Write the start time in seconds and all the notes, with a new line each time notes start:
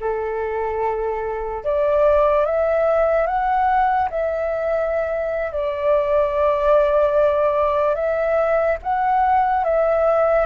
0.00 A4
1.64 D5
2.45 E5
3.26 F#5
4.09 E5
5.51 D5
7.95 E5
8.82 F#5
9.64 E5